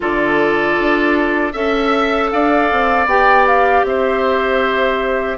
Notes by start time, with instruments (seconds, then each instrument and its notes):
0.00 bassoon D3, clarinet F4, oboe A4, flute D5
0.79 bassoon D4
1.52 bassoon C#4, clarinet A4, oboe E5, flute E5
2.30 bassoon D4, oboe D5, flute F5
2.71 bassoon C4
3.05 bassoon B3, clarinet G4, flute G5
3.46 flute F5
3.83 bassoon C4, oboe C5, flute E5